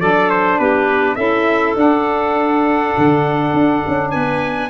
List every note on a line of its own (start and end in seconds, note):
0.00 0.60 F#3
0.00 1.18 D4
0.00 0.59 A4
0.00 0.30 D5
0.30 0.60 C5
0.60 1.17 B3
0.60 1.17 G4
0.60 1.16 B4
1.16 1.76 C#4
1.16 1.76 E4
1.16 4.11 A4
1.16 1.74 E5
1.76 4.70 D4
1.76 2.94 D4
1.76 4.11 F#5
2.99 3.54 D3
3.54 3.83 D4
3.88 4.15 C#4
4.11 4.70 B3
4.11 4.70 B4
4.11 4.70 G#5